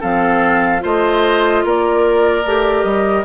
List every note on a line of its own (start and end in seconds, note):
0.00 0.84 F3
0.00 0.80 C4
0.00 0.81 A4
0.00 0.83 F5
0.80 1.64 A3
0.80 2.42 F4
0.80 1.64 C5
0.80 1.65 D#5
1.64 2.45 A#3
1.64 3.25 A#4
1.64 2.83 D5
2.45 2.84 A3
2.45 3.25 G4
2.83 3.24 G3
2.83 3.24 D#5